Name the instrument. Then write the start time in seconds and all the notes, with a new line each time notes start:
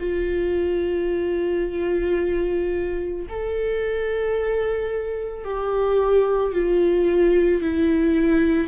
viola
0.00 F4
3.30 A4
5.45 G4
6.53 F4
7.62 E4